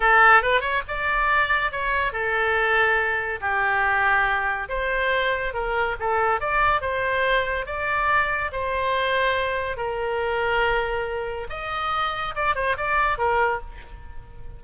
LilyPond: \new Staff \with { instrumentName = "oboe" } { \time 4/4 \tempo 4 = 141 a'4 b'8 cis''8 d''2 | cis''4 a'2. | g'2. c''4~ | c''4 ais'4 a'4 d''4 |
c''2 d''2 | c''2. ais'4~ | ais'2. dis''4~ | dis''4 d''8 c''8 d''4 ais'4 | }